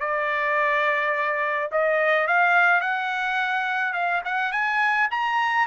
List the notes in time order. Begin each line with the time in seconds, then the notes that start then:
0.00 D5
1.72 D#5
2.27 F5
2.81 F#5
3.93 F5
4.25 F#5
4.52 G#5
5.11 A#5